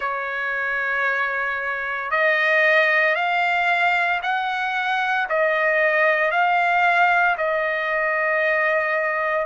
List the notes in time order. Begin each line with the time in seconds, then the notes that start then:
0.00 C#5
2.11 D#5
3.15 F5
4.22 F#5
5.29 D#5
6.31 F5
7.37 D#5